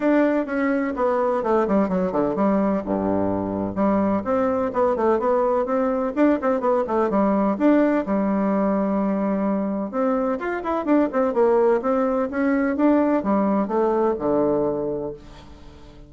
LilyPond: \new Staff \with { instrumentName = "bassoon" } { \time 4/4 \tempo 4 = 127 d'4 cis'4 b4 a8 g8 | fis8 d8 g4 g,2 | g4 c'4 b8 a8 b4 | c'4 d'8 c'8 b8 a8 g4 |
d'4 g2.~ | g4 c'4 f'8 e'8 d'8 c'8 | ais4 c'4 cis'4 d'4 | g4 a4 d2 | }